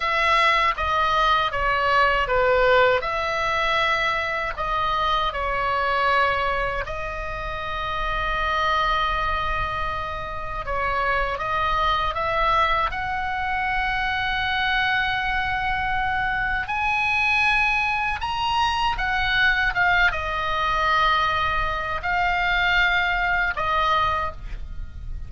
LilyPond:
\new Staff \with { instrumentName = "oboe" } { \time 4/4 \tempo 4 = 79 e''4 dis''4 cis''4 b'4 | e''2 dis''4 cis''4~ | cis''4 dis''2.~ | dis''2 cis''4 dis''4 |
e''4 fis''2.~ | fis''2 gis''2 | ais''4 fis''4 f''8 dis''4.~ | dis''4 f''2 dis''4 | }